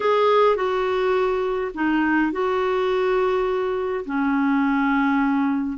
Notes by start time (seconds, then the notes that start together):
0.00 G#4
0.56 F#4
1.74 D#4
2.32 F#4
4.05 C#4